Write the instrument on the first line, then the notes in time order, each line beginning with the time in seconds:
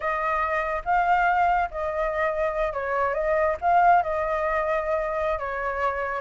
flute
0.00 D#5
0.85 F5
1.71 D#5
2.73 C#5
3.14 D#5
3.61 F5
4.03 D#5
5.38 C#5